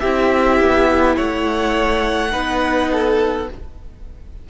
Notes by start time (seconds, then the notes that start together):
0.00 C4 E4 G4 E5
0.60 B3
1.16 A3 C#5 F#5
2.31 B3 D#4 B4
2.92 A4